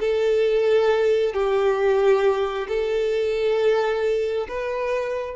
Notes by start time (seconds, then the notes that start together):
0.00 A4
1.33 G4
2.68 A4
4.49 B4